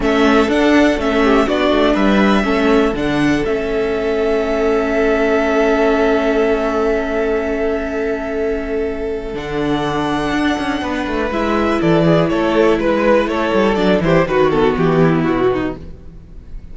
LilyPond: <<
  \new Staff \with { instrumentName = "violin" } { \time 4/4 \tempo 4 = 122 e''4 fis''4 e''4 d''4 | e''2 fis''4 e''4~ | e''1~ | e''1~ |
e''2. fis''4~ | fis''2. e''4 | d''4 cis''4 b'4 cis''4 | d''8 c''8 b'8 a'8 g'4 fis'4 | }
  \new Staff \with { instrumentName = "violin" } { \time 4/4 a'2~ a'8 g'8 fis'4 | b'4 a'2.~ | a'1~ | a'1~ |
a'1~ | a'2 b'2 | a'8 gis'8 a'4 b'4 a'4~ | a'8 g'8 fis'4. e'4 dis'8 | }
  \new Staff \with { instrumentName = "viola" } { \time 4/4 cis'4 d'4 cis'4 d'4~ | d'4 cis'4 d'4 cis'4~ | cis'1~ | cis'1~ |
cis'2. d'4~ | d'2. e'4~ | e'1 | d'8 e'8 fis'8 b2~ b8 | }
  \new Staff \with { instrumentName = "cello" } { \time 4/4 a4 d'4 a4 b8 a8 | g4 a4 d4 a4~ | a1~ | a1~ |
a2. d4~ | d4 d'8 cis'8 b8 a8 gis4 | e4 a4 gis4 a8 g8 | fis8 e8 dis4 e4 b,4 | }
>>